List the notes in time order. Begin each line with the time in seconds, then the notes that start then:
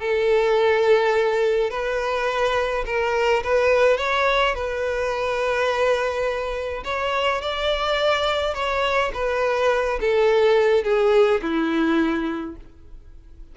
0.00 A4
1.71 B4
2.86 A#4
3.44 B4
3.98 C#5
4.55 B4
6.85 C#5
7.42 D5
8.55 C#5
9.14 B4
10.01 A4
10.84 G#4
11.42 E4